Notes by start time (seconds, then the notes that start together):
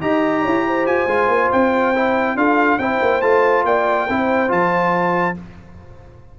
0.00 D#4 G4 D#5 A#5
0.42 E4 C#5
0.66 C5
0.86 F4 G#5
1.06 G#3 F4
1.27 A#3
1.52 C4 G5
1.95 E4
2.35 D4 F4 A4 F5
2.78 C4 E4 C5 G5
3.01 A#3
3.21 A3 F4 A5
3.64 A#3 D5 G5
4.09 C4 E4 C5
4.48 F3 F4 A5